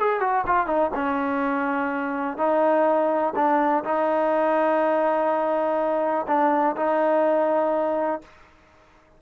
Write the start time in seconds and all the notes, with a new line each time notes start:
0.00 G#4
0.21 F#4
0.47 F4
0.67 D#4
0.95 C#4
2.38 D#4
3.36 D4
3.85 D#4
6.28 D4
6.77 D#4